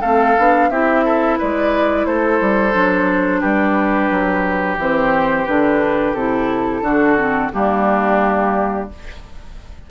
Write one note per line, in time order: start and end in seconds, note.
0.00 0.36 A3
0.00 0.36 C4
0.00 0.68 A4
0.00 0.69 F5
0.37 0.69 B3
0.37 0.71 D4
0.69 1.38 C4
0.69 2.72 E4
0.69 1.04 G4
0.69 1.37 E5
1.05 1.38 A4
1.38 2.05 G#3
1.38 2.06 B4
1.38 2.05 D5
2.05 2.39 A3
2.05 3.40 A4
2.05 3.40 C5
2.40 2.74 G3
2.72 3.42 F#3
2.72 4.76 D4
3.40 4.10 G3
3.40 6.81 G4
3.40 4.76 B4
4.10 4.77 F#3
4.77 5.45 E3
4.77 5.47 C4
4.77 5.46 C5
5.46 6.13 D3
5.46 6.15 D4
5.46 6.14 B4
6.13 6.81 C3
6.13 6.84 E4
6.13 7.50 A4
6.81 7.49 D3
6.81 7.17 D4
6.81 7.51 F#4
7.17 7.51 C4
7.52 8.90 G3
7.52 8.89 A#3
7.52 8.89 D4
7.52 8.89 G4